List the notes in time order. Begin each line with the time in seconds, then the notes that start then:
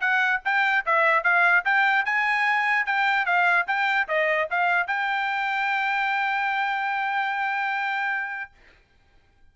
0.00 F#5
0.44 G5
0.85 E5
1.23 F5
1.64 G5
2.05 G#5
2.86 G5
3.25 F5
3.67 G5
4.07 D#5
4.50 F5
4.87 G5